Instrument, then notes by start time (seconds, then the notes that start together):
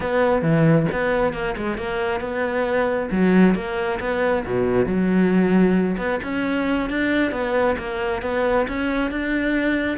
cello
0.00 B3
0.42 E3
0.92 B3
1.33 A#3
1.56 G#3
1.77 A#3
2.20 B3
3.11 F#3
3.54 A#3
4.00 B3
4.45 B2
4.85 F#3
5.97 B3
6.23 C#4
6.89 D4
7.31 B3
7.78 A#3
8.22 B3
8.68 C#4
9.10 D4